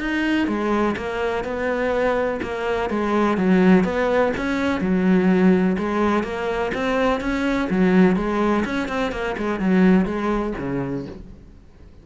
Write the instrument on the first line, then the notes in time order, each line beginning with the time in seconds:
cello
0.00 D#4
0.48 G#3
0.97 A#3
1.44 B3
2.43 A#3
2.90 G#3
3.38 F#3
3.84 B3
4.37 C#4
4.81 F#3
5.78 G#3
6.24 A#3
6.75 C4
7.21 C#4
7.70 F#3
8.16 G#3
8.65 C#4
8.88 C4
9.12 A#3
9.38 G#3
9.60 F#3
10.06 G#3
10.58 C#3